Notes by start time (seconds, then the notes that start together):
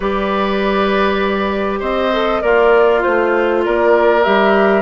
0.00 G3 G4 B4 D5
1.79 C4 C5 D#5
2.12 A4
2.41 A#3 F4 A#4 D5
2.99 F4 C5
3.06 A3
3.64 A#3 A#4 D5
4.23 G3 G4 E5